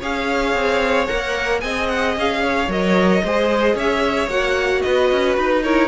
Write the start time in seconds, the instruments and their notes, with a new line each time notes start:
0.00 cello C#4, viola G#4, violin C#5 F5
0.54 cello C4
1.07 cello A#3, viola A#4, violin F#5
1.61 cello C4, viola G#4, violin D#5 G#5
1.89 violin F#5
2.17 cello C#4, violin F5
2.43 violin C#5
2.68 cello F#3, viola A#4, violin D#5
3.24 cello G#3, viola G#4, violin C5
3.75 cello C#4, violin C#5 E5
4.28 cello A#3, viola F#4, violin F#5
4.82 cello B3, violin B4 D#5
5.12 cello C#4
5.36 cello D#4, violin B4
5.64 viola E4, violin A#4 C#5